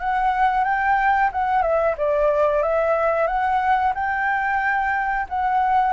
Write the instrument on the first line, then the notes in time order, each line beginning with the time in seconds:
flute
0.00 F#5
0.64 G5
1.32 F#5
1.62 E5
1.98 D5
2.63 E5
3.27 F#5
3.95 G5
5.29 F#5